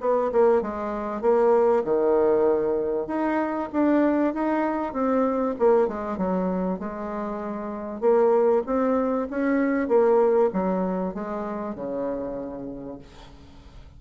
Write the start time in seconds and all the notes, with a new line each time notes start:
0.00 B3
0.32 A#3
0.62 G#3
1.21 A#3
1.84 D#3
3.07 D#4
3.73 D4
4.34 D#4
4.93 C4
5.59 A#3
5.88 G#3
6.17 F#3
6.79 G#3
8.00 A#3
8.66 C4
9.30 C#4
9.88 A#3
10.53 F#3
11.14 G#3
11.75 C#3